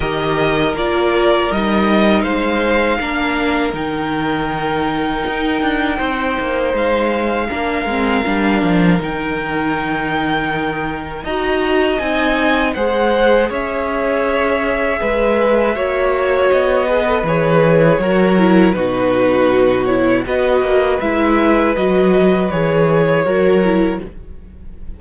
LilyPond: <<
  \new Staff \with { instrumentName = "violin" } { \time 4/4 \tempo 4 = 80 dis''4 d''4 dis''4 f''4~ | f''4 g''2.~ | g''4 f''2. | g''2. ais''4 |
gis''4 fis''4 e''2~ | e''2 dis''4 cis''4~ | cis''4 b'4. cis''8 dis''4 | e''4 dis''4 cis''2 | }
  \new Staff \with { instrumentName = "violin" } { \time 4/4 ais'2. c''4 | ais'1 | c''2 ais'2~ | ais'2. dis''4~ |
dis''4 c''4 cis''2 | b'4 cis''4. b'4. | ais'4 fis'2 b'4~ | b'2. ais'4 | }
  \new Staff \with { instrumentName = "viola" } { \time 4/4 g'4 f'4 dis'2 | d'4 dis'2.~ | dis'2 d'8 c'8 d'4 | dis'2. fis'4 |
dis'4 gis'2.~ | gis'4 fis'4. gis'16 a'16 gis'4 | fis'8 e'8 dis'4. e'8 fis'4 | e'4 fis'4 gis'4 fis'8 e'8 | }
  \new Staff \with { instrumentName = "cello" } { \time 4/4 dis4 ais4 g4 gis4 | ais4 dis2 dis'8 d'8 | c'8 ais8 gis4 ais8 gis8 g8 f8 | dis2. dis'4 |
c'4 gis4 cis'2 | gis4 ais4 b4 e4 | fis4 b,2 b8 ais8 | gis4 fis4 e4 fis4 | }
>>